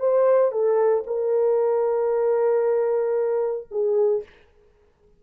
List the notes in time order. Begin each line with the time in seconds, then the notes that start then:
0.00 C5
0.52 A4
1.07 A#4
3.71 G#4